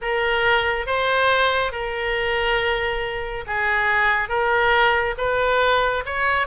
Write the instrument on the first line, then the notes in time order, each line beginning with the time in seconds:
oboe
0.01 A#4
0.86 C5
1.71 A#4
3.46 G#4
4.28 A#4
5.17 B4
6.05 C#5